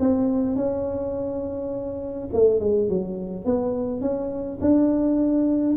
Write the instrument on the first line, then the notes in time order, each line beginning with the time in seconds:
tuba
0.00 C4
0.56 C#4
2.33 A3
2.60 G#3
2.90 F#3
3.45 B3
4.01 C#4
4.61 D4